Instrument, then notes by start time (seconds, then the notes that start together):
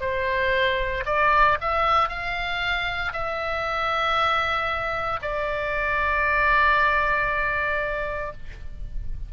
oboe
0.00 C5
1.05 D5
1.60 E5
2.09 F5
3.13 E5
5.22 D5